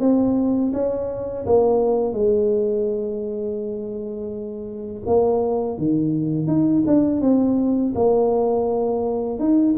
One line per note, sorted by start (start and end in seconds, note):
0.00 0.72 C4
0.73 1.46 C#4
1.46 2.13 A#3
2.13 5.02 G#3
5.06 5.78 A#3
5.78 6.47 D#3
6.47 6.83 D#4
6.87 7.21 D4
7.21 7.94 C4
7.95 9.39 A#3
9.39 9.75 D#4